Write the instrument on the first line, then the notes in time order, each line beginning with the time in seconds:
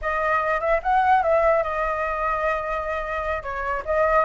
flute
0.01 D#5
0.60 E5
0.83 F#5
1.23 E5
1.63 D#5
3.42 C#5
3.85 D#5